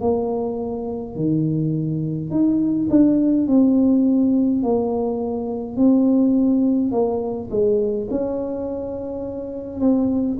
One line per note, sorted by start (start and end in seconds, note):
0.00 1.15 A#3
1.15 2.30 D#3
2.30 2.88 D#4
2.90 3.47 D4
3.47 4.63 C4
4.63 5.76 A#3
5.76 6.91 C4
6.91 7.49 A#3
7.50 8.08 G#3
8.10 9.80 C#4
9.80 10.37 C4